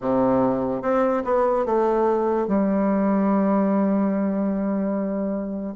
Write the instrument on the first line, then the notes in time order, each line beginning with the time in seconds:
bassoon
0.00 C3
0.82 C4
1.24 B3
1.65 A3
2.47 G3